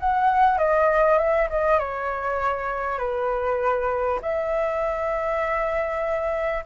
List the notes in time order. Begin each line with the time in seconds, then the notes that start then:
0.00 F#5
0.58 D#5
1.18 E5
1.50 D#5
1.79 C#5
2.98 B4
4.22 E5